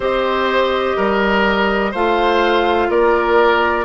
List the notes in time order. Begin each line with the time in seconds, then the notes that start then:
0.00 C4 G4 C5 D#5
0.96 G3 A#4
1.91 A3 F4 C5 F5
2.89 A#3 A#4 D5